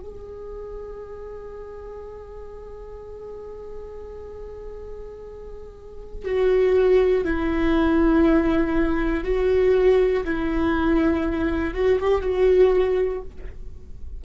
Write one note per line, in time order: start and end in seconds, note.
0.00 6.25 G#4
6.25 7.25 F#4
7.25 9.24 E4
9.24 10.24 F#4
10.25 11.74 E4
11.74 11.99 F#4
12.00 12.22 G4
12.22 13.22 F#4